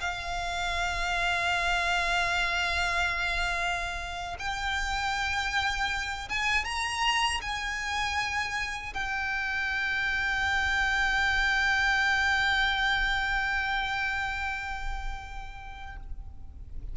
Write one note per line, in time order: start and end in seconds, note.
0.00 4.37 F5
4.39 6.29 G5
6.29 6.65 G#5
6.65 7.41 A#5
7.41 8.93 G#5
8.94 15.96 G5